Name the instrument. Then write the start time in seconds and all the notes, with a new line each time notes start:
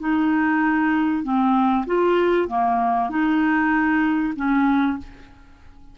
clarinet
0.00 D#4
1.24 C4
1.87 F4
2.48 A#3
3.10 D#4
4.36 C#4